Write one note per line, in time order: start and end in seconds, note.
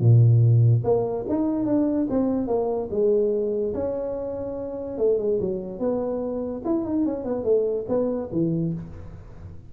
0.00 0.83 A#2
0.84 1.25 A#3
1.29 1.66 D#4
1.66 2.07 D4
2.10 2.47 C4
2.47 2.89 A#3
2.91 3.74 G#3
3.74 4.98 C#4
4.98 5.18 A3
5.18 5.39 G#3
5.40 5.79 F#3
5.79 6.62 B3
6.65 6.85 E4
6.85 7.06 D#4
7.06 7.24 C#4
7.24 7.44 B3
7.44 7.85 A3
7.88 8.29 B3
8.32 8.73 E3